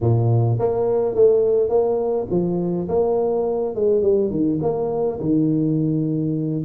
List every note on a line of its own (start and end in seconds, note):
0.00 0.58 A#2
0.59 1.15 A#3
1.15 1.69 A3
1.69 2.27 A#3
2.30 2.88 F3
2.88 3.75 A#3
3.75 4.02 G#3
4.02 4.30 G3
4.30 4.59 D#3
4.62 5.19 A#3
5.19 6.64 D#3